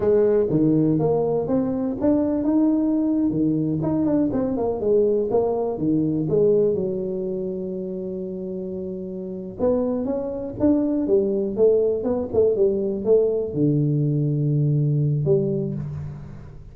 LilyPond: \new Staff \with { instrumentName = "tuba" } { \time 4/4 \tempo 4 = 122 gis4 dis4 ais4 c'4 | d'4 dis'4.~ dis'16 dis4 dis'16~ | dis'16 d'8 c'8 ais8 gis4 ais4 dis16~ | dis8. gis4 fis2~ fis16~ |
fis2.~ fis8 b8~ | b8 cis'4 d'4 g4 a8~ | a8 b8 a8 g4 a4 d8~ | d2. g4 | }